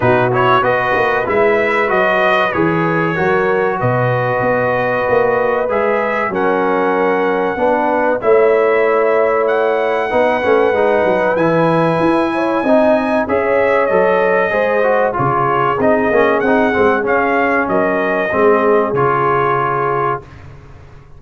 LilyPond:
<<
  \new Staff \with { instrumentName = "trumpet" } { \time 4/4 \tempo 4 = 95 b'8 cis''8 dis''4 e''4 dis''4 | cis''2 dis''2~ | dis''4 e''4 fis''2~ | fis''4 e''2 fis''4~ |
fis''2 gis''2~ | gis''4 e''4 dis''2 | cis''4 dis''4 fis''4 f''4 | dis''2 cis''2 | }
  \new Staff \with { instrumentName = "horn" } { \time 4/4 fis'4 b'2.~ | b'4 ais'4 b'2~ | b'2 ais'2 | b'4 cis''2. |
b'2.~ b'8 cis''8 | dis''4 cis''2 c''4 | gis'1 | ais'4 gis'2. | }
  \new Staff \with { instrumentName = "trombone" } { \time 4/4 dis'8 e'8 fis'4 e'4 fis'4 | gis'4 fis'2.~ | fis'4 gis'4 cis'2 | d'4 e'2. |
dis'8 cis'8 dis'4 e'2 | dis'4 gis'4 a'4 gis'8 fis'8 | f'4 dis'8 cis'8 dis'8 c'8 cis'4~ | cis'4 c'4 f'2 | }
  \new Staff \with { instrumentName = "tuba" } { \time 4/4 b,4 b8 ais8 gis4 fis4 | e4 fis4 b,4 b4 | ais4 gis4 fis2 | b4 a2. |
b8 a8 gis8 fis8 e4 e'4 | c'4 cis'4 fis4 gis4 | cis4 c'8 ais8 c'8 gis8 cis'4 | fis4 gis4 cis2 | }
>>